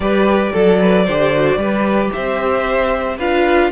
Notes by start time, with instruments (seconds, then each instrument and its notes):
0.00 cello G3, viola G4, violin B4 D5
0.52 cello F#3, violin A4, viola A4
0.79 violin B4
1.05 cello D3, viola G4, violin C5
1.34 viola F#4
1.56 cello G3, viola G4, violin B4
2.12 cello C4, violin C5 E5
3.17 cello D4, viola F4, violin B4 F5